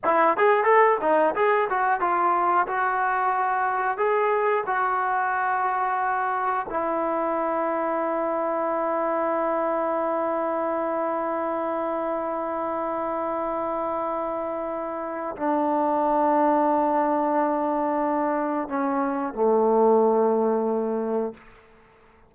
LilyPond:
\new Staff \with { instrumentName = "trombone" } { \time 4/4 \tempo 4 = 90 e'8 gis'8 a'8 dis'8 gis'8 fis'8 f'4 | fis'2 gis'4 fis'4~ | fis'2 e'2~ | e'1~ |
e'1~ | e'2. d'4~ | d'1 | cis'4 a2. | }